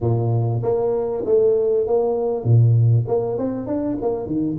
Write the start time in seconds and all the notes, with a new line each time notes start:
0.01 A#2
0.62 A#3
1.26 A3
1.86 A#3
2.44 A#2
3.07 A#3
3.38 C4
3.66 D4
4.01 A#3
4.26 D#3